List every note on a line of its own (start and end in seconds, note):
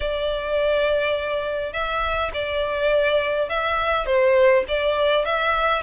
0.00 1.72 D5
1.73 2.31 E5
2.33 3.49 D5
3.49 4.06 E5
4.06 4.64 C5
4.68 5.25 D5
5.25 5.82 E5